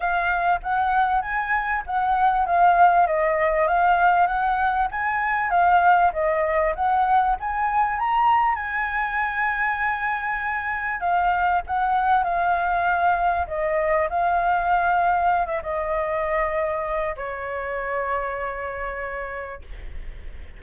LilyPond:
\new Staff \with { instrumentName = "flute" } { \time 4/4 \tempo 4 = 98 f''4 fis''4 gis''4 fis''4 | f''4 dis''4 f''4 fis''4 | gis''4 f''4 dis''4 fis''4 | gis''4 ais''4 gis''2~ |
gis''2 f''4 fis''4 | f''2 dis''4 f''4~ | f''4~ f''16 e''16 dis''2~ dis''8 | cis''1 | }